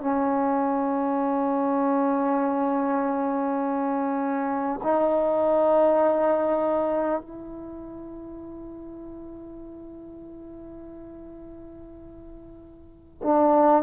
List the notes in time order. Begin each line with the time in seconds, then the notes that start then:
0.00 C#4
4.83 D#4
7.21 E4
13.23 D4